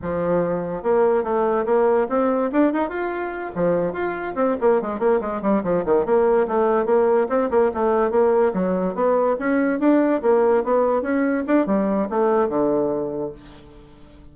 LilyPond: \new Staff \with { instrumentName = "bassoon" } { \time 4/4 \tempo 4 = 144 f2 ais4 a4 | ais4 c'4 d'8 dis'8 f'4~ | f'8 f4 f'4 c'8 ais8 gis8 | ais8 gis8 g8 f8 dis8 ais4 a8~ |
a8 ais4 c'8 ais8 a4 ais8~ | ais8 fis4 b4 cis'4 d'8~ | d'8 ais4 b4 cis'4 d'8 | g4 a4 d2 | }